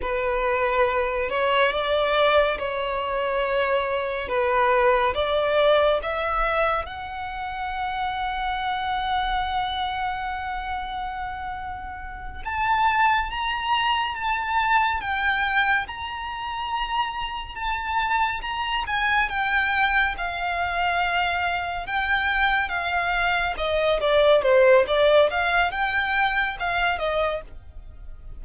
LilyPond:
\new Staff \with { instrumentName = "violin" } { \time 4/4 \tempo 4 = 70 b'4. cis''8 d''4 cis''4~ | cis''4 b'4 d''4 e''4 | fis''1~ | fis''2~ fis''8 a''4 ais''8~ |
ais''8 a''4 g''4 ais''4.~ | ais''8 a''4 ais''8 gis''8 g''4 f''8~ | f''4. g''4 f''4 dis''8 | d''8 c''8 d''8 f''8 g''4 f''8 dis''8 | }